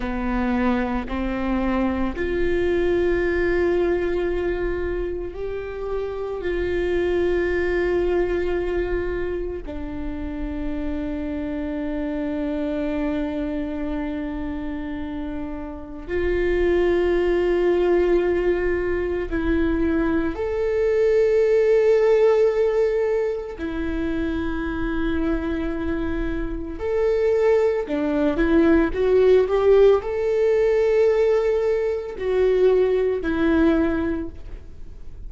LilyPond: \new Staff \with { instrumentName = "viola" } { \time 4/4 \tempo 4 = 56 b4 c'4 f'2~ | f'4 g'4 f'2~ | f'4 d'2.~ | d'2. f'4~ |
f'2 e'4 a'4~ | a'2 e'2~ | e'4 a'4 d'8 e'8 fis'8 g'8 | a'2 fis'4 e'4 | }